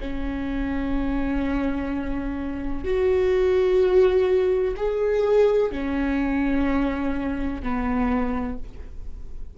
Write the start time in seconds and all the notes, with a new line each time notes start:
0.00 C#4
2.84 F#4
4.76 G#4
5.71 C#4
7.62 B3